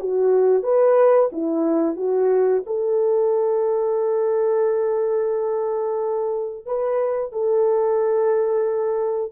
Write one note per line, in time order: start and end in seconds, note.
0.00 0.64 F#4
0.64 1.30 B4
1.33 1.97 E4
1.97 2.63 F#4
2.66 6.66 A4
6.66 7.32 B4
7.32 9.32 A4